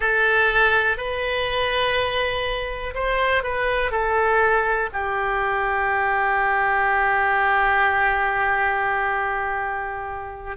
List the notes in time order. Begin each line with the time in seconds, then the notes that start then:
0.00 A4
0.97 B4
2.94 C5
3.42 B4
3.91 A4
4.92 G4